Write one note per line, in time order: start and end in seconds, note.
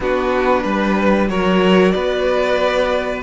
0.00 0.64 B3
0.00 1.29 D4
0.00 0.63 F#4
0.00 1.29 B4
0.63 1.29 G3
0.63 1.28 B4
1.29 1.93 F#3
1.29 3.22 F#4
1.29 1.94 A#4
1.29 1.91 C#5
1.91 3.23 B3
1.91 3.23 B4
1.91 3.20 D5